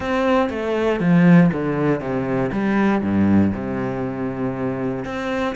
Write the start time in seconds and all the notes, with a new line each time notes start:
0.00 C4
0.49 A3
0.99 F3
1.52 D3
2.00 C3
2.52 G3
3.01 G2
3.54 C3
5.04 C4